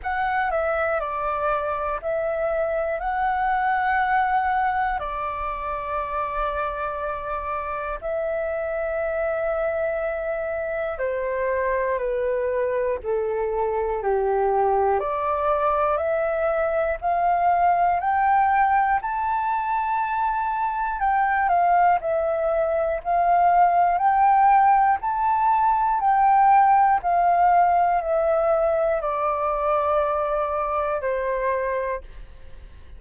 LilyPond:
\new Staff \with { instrumentName = "flute" } { \time 4/4 \tempo 4 = 60 fis''8 e''8 d''4 e''4 fis''4~ | fis''4 d''2. | e''2. c''4 | b'4 a'4 g'4 d''4 |
e''4 f''4 g''4 a''4~ | a''4 g''8 f''8 e''4 f''4 | g''4 a''4 g''4 f''4 | e''4 d''2 c''4 | }